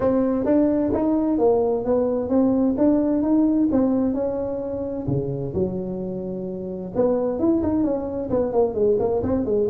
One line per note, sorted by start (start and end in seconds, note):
0.00 0.45 C4
0.45 0.91 D4
0.92 1.38 D#4
1.38 1.84 A#3
1.85 2.29 B3
2.29 2.75 C4
2.77 3.22 D4
3.22 3.68 D#4
3.71 4.14 C4
4.14 5.06 C#4
5.07 5.53 C#3
5.53 6.92 F#3
6.95 7.39 B3
7.39 7.62 E4
7.62 7.83 D#4
7.83 8.29 C#4
8.30 8.52 B3
8.52 8.74 A#3
8.74 8.97 G#3
8.99 9.22 A#3
9.23 9.45 C4
9.45 9.68 G#3